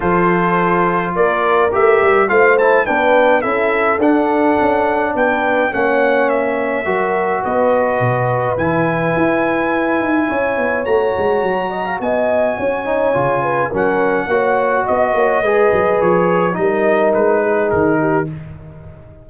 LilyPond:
<<
  \new Staff \with { instrumentName = "trumpet" } { \time 4/4 \tempo 4 = 105 c''2 d''4 e''4 | f''8 a''8 g''4 e''4 fis''4~ | fis''4 g''4 fis''4 e''4~ | e''4 dis''2 gis''4~ |
gis''2. ais''4~ | ais''4 gis''2. | fis''2 dis''2 | cis''4 dis''4 b'4 ais'4 | }
  \new Staff \with { instrumentName = "horn" } { \time 4/4 a'2 ais'2 | c''4 b'4 a'2~ | a'4 b'4 cis''2 | ais'4 b'2.~ |
b'2 cis''2~ | cis''8 dis''16 f''16 dis''4 cis''4. b'8 | ais'4 cis''4 dis''8 cis''8 b'4~ | b'4 ais'4. gis'4 g'8 | }
  \new Staff \with { instrumentName = "trombone" } { \time 4/4 f'2. g'4 | f'8 e'8 d'4 e'4 d'4~ | d'2 cis'2 | fis'2. e'4~ |
e'2. fis'4~ | fis'2~ fis'8 dis'8 f'4 | cis'4 fis'2 gis'4~ | gis'4 dis'2. | }
  \new Staff \with { instrumentName = "tuba" } { \time 4/4 f2 ais4 a8 g8 | a4 b4 cis'4 d'4 | cis'4 b4 ais2 | fis4 b4 b,4 e4 |
e'4. dis'8 cis'8 b8 a8 gis8 | fis4 b4 cis'4 cis4 | fis4 ais4 b8 ais8 gis8 fis8 | f4 g4 gis4 dis4 | }
>>